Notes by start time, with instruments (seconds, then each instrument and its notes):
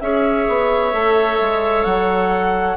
0.00 bassoon C#4, clarinet G#4, oboe C#5, flute E5
0.48 bassoon B3
0.92 bassoon A3, clarinet A4
1.40 bassoon G#3
1.84 bassoon F#3, flute F#5